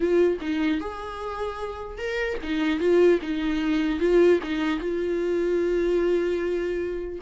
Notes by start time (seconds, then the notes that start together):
0.00 F4
0.40 D#4
0.80 G#4
1.98 A#4
2.43 D#4
2.79 F4
3.21 D#4
3.99 F4
4.43 D#4
4.79 F4